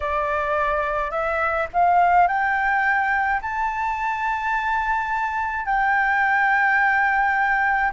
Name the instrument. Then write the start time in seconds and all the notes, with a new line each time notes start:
flute
0.00 D5
1.10 E5
1.73 F5
2.27 G5
3.41 A5
5.66 G5